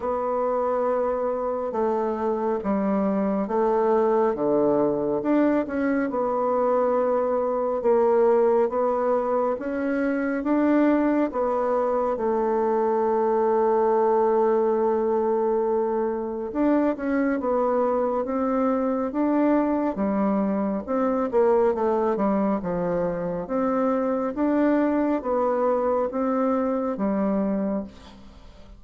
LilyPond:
\new Staff \with { instrumentName = "bassoon" } { \time 4/4 \tempo 4 = 69 b2 a4 g4 | a4 d4 d'8 cis'8 b4~ | b4 ais4 b4 cis'4 | d'4 b4 a2~ |
a2. d'8 cis'8 | b4 c'4 d'4 g4 | c'8 ais8 a8 g8 f4 c'4 | d'4 b4 c'4 g4 | }